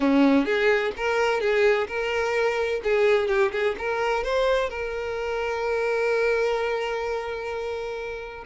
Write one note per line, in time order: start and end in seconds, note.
0.00 0.45 C#4
0.45 0.92 G#4
0.96 1.40 A#4
1.40 1.87 G#4
1.87 2.81 A#4
2.83 3.28 G#4
3.28 3.51 G4
3.52 3.75 G#4
3.78 4.23 A#4
4.23 4.69 C5
4.69 8.44 A#4